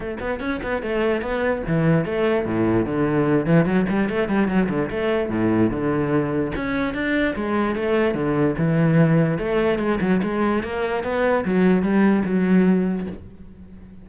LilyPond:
\new Staff \with { instrumentName = "cello" } { \time 4/4 \tempo 4 = 147 a8 b8 cis'8 b8 a4 b4 | e4 a4 a,4 d4~ | d8 e8 fis8 g8 a8 g8 fis8 d8 | a4 a,4 d2 |
cis'4 d'4 gis4 a4 | d4 e2 a4 | gis8 fis8 gis4 ais4 b4 | fis4 g4 fis2 | }